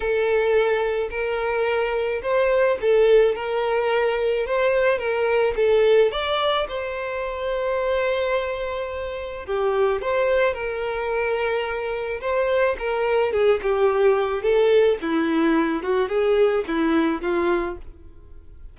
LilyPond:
\new Staff \with { instrumentName = "violin" } { \time 4/4 \tempo 4 = 108 a'2 ais'2 | c''4 a'4 ais'2 | c''4 ais'4 a'4 d''4 | c''1~ |
c''4 g'4 c''4 ais'4~ | ais'2 c''4 ais'4 | gis'8 g'4. a'4 e'4~ | e'8 fis'8 gis'4 e'4 f'4 | }